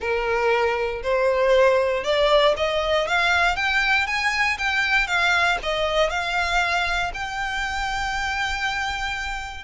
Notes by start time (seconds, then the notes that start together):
0.00 A#4
1.02 C5
2.03 D5
2.57 D#5
3.07 F5
3.56 G5
4.07 G#5
4.58 G5
5.07 F5
5.63 D#5
6.10 F5
7.14 G5